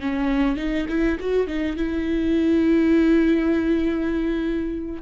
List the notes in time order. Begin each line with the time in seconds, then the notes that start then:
0.00 C#4
0.57 D#4
0.89 E4
1.20 F#4
1.47 D#4
1.77 E4